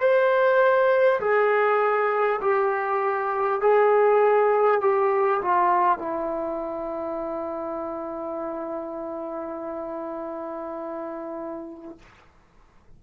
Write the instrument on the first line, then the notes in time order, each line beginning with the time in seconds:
trombone
0.00 C5
1.21 G#4
2.42 G4
3.61 G#4
4.82 G4
5.42 F4
5.99 E4